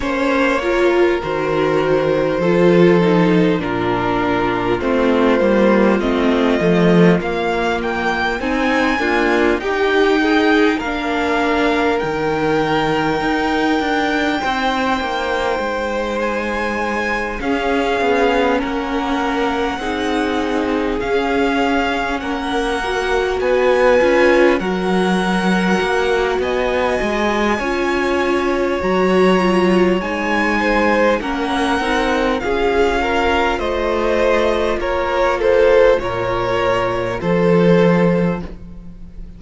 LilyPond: <<
  \new Staff \with { instrumentName = "violin" } { \time 4/4 \tempo 4 = 50 cis''4 c''2 ais'4 | c''4 dis''4 f''8 g''8 gis''4 | g''4 f''4 g''2~ | g''4. gis''4 f''4 fis''8~ |
fis''4. f''4 fis''4 gis''8~ | gis''8 fis''4. gis''2 | ais''4 gis''4 fis''4 f''4 | dis''4 cis''8 c''8 cis''4 c''4 | }
  \new Staff \with { instrumentName = "violin" } { \time 4/4 c''8 ais'4. a'4 f'4~ | f'2. dis'8 f'8 | g'8 gis'8 ais'2. | c''2~ c''8 gis'4 ais'8~ |
ais'8 gis'2 ais'4 b'8~ | b'8 ais'4. dis''4 cis''4~ | cis''4. c''8 ais'4 gis'8 ais'8 | c''4 ais'8 a'8 ais'4 a'4 | }
  \new Staff \with { instrumentName = "viola" } { \time 4/4 cis'8 f'8 fis'4 f'8 dis'8 d'4 | c'8 ais8 c'8 a8 ais4 c'8 ais8 | dis'4 d'4 dis'2~ | dis'2~ dis'8 cis'4.~ |
cis'8 dis'4 cis'4. fis'4 | f'8 fis'2~ fis'8 f'4 | fis'8 f'8 dis'4 cis'8 dis'8 f'4~ | f'1 | }
  \new Staff \with { instrumentName = "cello" } { \time 4/4 ais4 dis4 f4 ais,4 | a8 g8 a8 f8 ais4 c'8 d'8 | dis'4 ais4 dis4 dis'8 d'8 | c'8 ais8 gis4. cis'8 b8 ais8~ |
ais8 c'4 cis'4 ais4 b8 | cis'8 fis4 ais8 b8 gis8 cis'4 | fis4 gis4 ais8 c'8 cis'4 | a4 ais4 ais,4 f4 | }
>>